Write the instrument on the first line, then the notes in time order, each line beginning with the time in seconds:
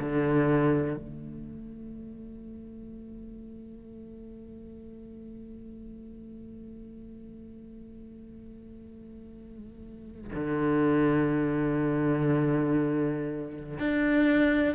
cello
0.00 D3
0.97 A3
10.35 D3
13.80 D4